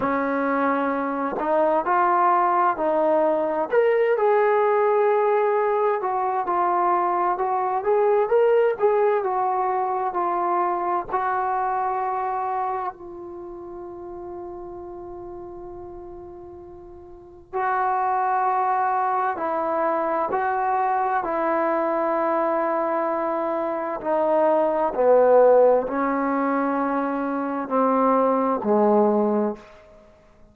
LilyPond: \new Staff \with { instrumentName = "trombone" } { \time 4/4 \tempo 4 = 65 cis'4. dis'8 f'4 dis'4 | ais'8 gis'2 fis'8 f'4 | fis'8 gis'8 ais'8 gis'8 fis'4 f'4 | fis'2 f'2~ |
f'2. fis'4~ | fis'4 e'4 fis'4 e'4~ | e'2 dis'4 b4 | cis'2 c'4 gis4 | }